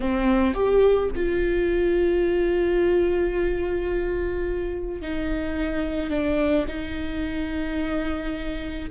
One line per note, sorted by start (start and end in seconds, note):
0.00 0.54 C4
0.54 1.09 G4
1.15 5.01 F4
5.01 6.10 D#4
6.10 6.65 D4
6.67 8.90 D#4